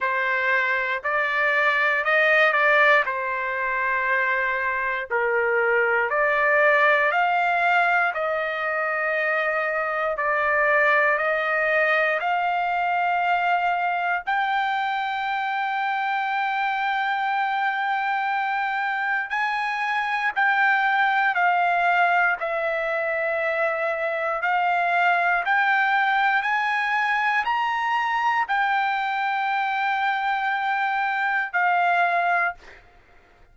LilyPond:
\new Staff \with { instrumentName = "trumpet" } { \time 4/4 \tempo 4 = 59 c''4 d''4 dis''8 d''8 c''4~ | c''4 ais'4 d''4 f''4 | dis''2 d''4 dis''4 | f''2 g''2~ |
g''2. gis''4 | g''4 f''4 e''2 | f''4 g''4 gis''4 ais''4 | g''2. f''4 | }